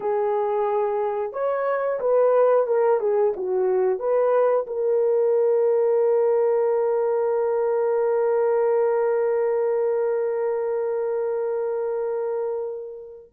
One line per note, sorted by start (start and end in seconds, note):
0.00 1.32 G#4
1.32 1.99 C#5
2.00 2.66 B4
2.67 3.00 A#4
3.00 3.33 G#4
3.36 3.99 F#4
3.99 4.65 B4
4.67 13.32 A#4